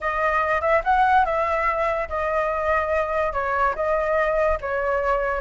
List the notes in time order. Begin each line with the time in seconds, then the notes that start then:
0.00 D#5
0.61 E5
0.84 F#5
1.25 E5
2.08 D#5
3.32 C#5
3.75 D#5
4.60 C#5